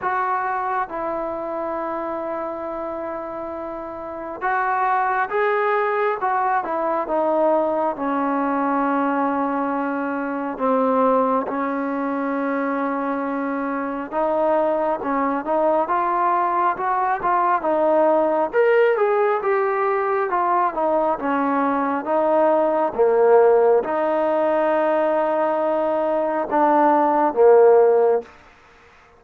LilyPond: \new Staff \with { instrumentName = "trombone" } { \time 4/4 \tempo 4 = 68 fis'4 e'2.~ | e'4 fis'4 gis'4 fis'8 e'8 | dis'4 cis'2. | c'4 cis'2. |
dis'4 cis'8 dis'8 f'4 fis'8 f'8 | dis'4 ais'8 gis'8 g'4 f'8 dis'8 | cis'4 dis'4 ais4 dis'4~ | dis'2 d'4 ais4 | }